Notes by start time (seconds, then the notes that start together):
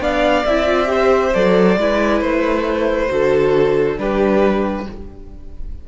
0.00 B3 D4 D5 F5
0.46 C4 E4 E5
0.66 F4
0.86 G4 C5
1.34 F#3 A4 D5
1.77 G#3 E4 B4
2.21 A3 C5
3.09 D3 F#4 A4
3.97 G3 D4 G4 B4